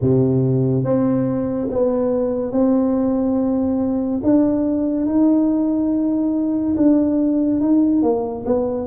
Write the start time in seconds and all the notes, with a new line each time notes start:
0.01 C3
0.84 C4
1.70 B3
2.51 C4
4.23 D4
5.06 D#4
6.76 D4
7.60 D#4
8.02 A#3
8.45 B3